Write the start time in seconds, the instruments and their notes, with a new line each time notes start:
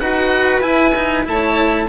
0.00 bassoon D#4, cello F#4, violin B4, oboe F#5
0.62 cello E4, bassoon E4, oboe G#5
0.96 cello D#4
1.25 bassoon A3, cello E4, violin C#5, oboe A5